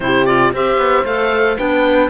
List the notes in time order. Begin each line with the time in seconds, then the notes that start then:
0.00 C3 E4 G4 C5
0.25 F4 D5
0.53 C4 G4 C5 E5
0.77 B3
1.04 A3 A4 F5
1.57 B3 D4 B4 G5